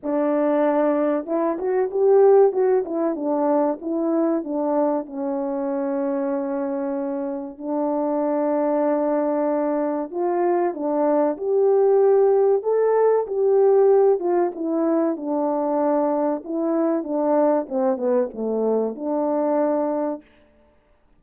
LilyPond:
\new Staff \with { instrumentName = "horn" } { \time 4/4 \tempo 4 = 95 d'2 e'8 fis'8 g'4 | fis'8 e'8 d'4 e'4 d'4 | cis'1 | d'1 |
f'4 d'4 g'2 | a'4 g'4. f'8 e'4 | d'2 e'4 d'4 | c'8 b8 a4 d'2 | }